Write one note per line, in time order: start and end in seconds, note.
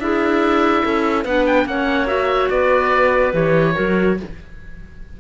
0.00 0.84 D4
0.00 1.26 E4
0.00 0.84 G#4
0.00 1.25 E5
0.84 1.25 C#4
0.84 1.25 A4
1.25 1.66 B3
1.25 1.67 D4
1.25 1.66 B4
1.25 1.46 F#5
1.47 1.68 G5
1.66 2.49 A#3
1.66 2.07 C#4
1.66 2.52 C#5
1.66 2.08 F#5
2.07 3.32 F#4
2.07 2.49 E5
2.50 3.34 B3
2.50 3.75 B4
2.50 3.33 D5
3.33 3.76 E3
3.33 3.75 G4
3.33 4.19 C#5
3.75 4.20 F#3
3.75 4.17 F#4
3.75 4.17 A#4